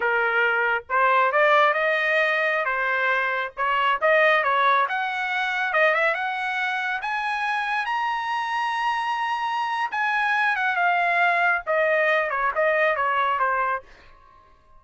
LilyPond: \new Staff \with { instrumentName = "trumpet" } { \time 4/4 \tempo 4 = 139 ais'2 c''4 d''4 | dis''2~ dis''16 c''4.~ c''16~ | c''16 cis''4 dis''4 cis''4 fis''8.~ | fis''4~ fis''16 dis''8 e''8 fis''4.~ fis''16~ |
fis''16 gis''2 ais''4.~ ais''16~ | ais''2. gis''4~ | gis''8 fis''8 f''2 dis''4~ | dis''8 cis''8 dis''4 cis''4 c''4 | }